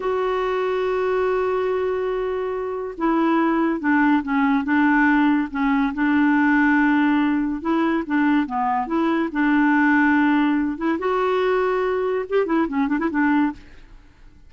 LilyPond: \new Staff \with { instrumentName = "clarinet" } { \time 4/4 \tempo 4 = 142 fis'1~ | fis'2. e'4~ | e'4 d'4 cis'4 d'4~ | d'4 cis'4 d'2~ |
d'2 e'4 d'4 | b4 e'4 d'2~ | d'4. e'8 fis'2~ | fis'4 g'8 e'8 cis'8 d'16 e'16 d'4 | }